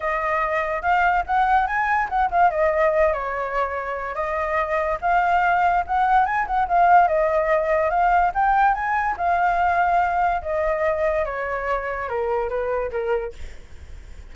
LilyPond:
\new Staff \with { instrumentName = "flute" } { \time 4/4 \tempo 4 = 144 dis''2 f''4 fis''4 | gis''4 fis''8 f''8 dis''4. cis''8~ | cis''2 dis''2 | f''2 fis''4 gis''8 fis''8 |
f''4 dis''2 f''4 | g''4 gis''4 f''2~ | f''4 dis''2 cis''4~ | cis''4 ais'4 b'4 ais'4 | }